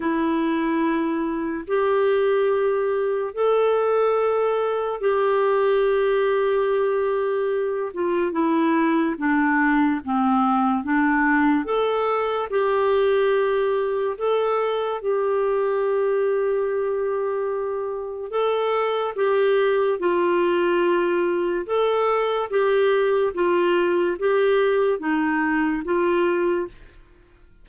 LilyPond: \new Staff \with { instrumentName = "clarinet" } { \time 4/4 \tempo 4 = 72 e'2 g'2 | a'2 g'2~ | g'4. f'8 e'4 d'4 | c'4 d'4 a'4 g'4~ |
g'4 a'4 g'2~ | g'2 a'4 g'4 | f'2 a'4 g'4 | f'4 g'4 dis'4 f'4 | }